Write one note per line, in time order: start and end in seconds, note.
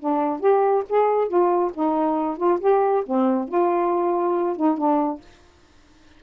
0.00 0.41 D4
0.41 0.84 G4
0.90 1.28 G#4
1.28 1.72 F4
1.75 2.38 D#4
2.38 2.59 F4
2.60 3.04 G4
3.06 3.49 C4
3.49 4.57 F4
4.57 4.78 D#4
4.78 5.21 D4